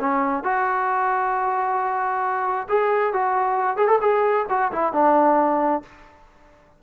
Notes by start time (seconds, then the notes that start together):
0.00 C#4
0.44 F#4
2.69 G#4
3.13 F#4
3.77 G#4
3.88 A4
4.01 G#4
4.49 F#4
4.72 E4
4.93 D4